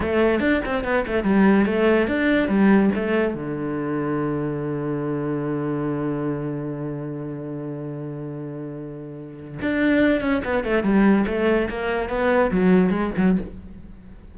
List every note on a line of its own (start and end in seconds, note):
0.00 0.40 A3
0.40 0.61 D4
0.65 0.84 C4
0.84 1.04 B3
1.06 1.23 A3
1.23 1.65 G3
1.65 2.07 A3
2.07 2.48 D4
2.48 2.90 G3
2.94 3.34 A3
3.34 9.59 D3
9.61 10.20 D4
10.20 10.41 C#4
10.44 10.64 B3
10.64 10.83 A3
10.83 11.25 G3
11.26 11.68 A3
11.69 12.09 A#3
12.09 12.50 B3
12.51 12.90 F#3
12.90 13.10 G#3
13.17 13.38 F#3